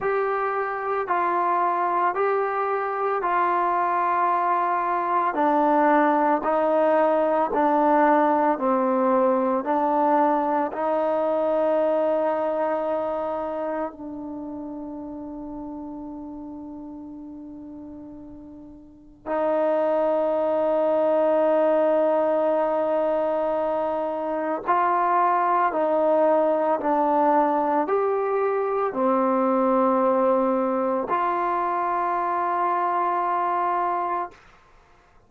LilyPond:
\new Staff \with { instrumentName = "trombone" } { \time 4/4 \tempo 4 = 56 g'4 f'4 g'4 f'4~ | f'4 d'4 dis'4 d'4 | c'4 d'4 dis'2~ | dis'4 d'2.~ |
d'2 dis'2~ | dis'2. f'4 | dis'4 d'4 g'4 c'4~ | c'4 f'2. | }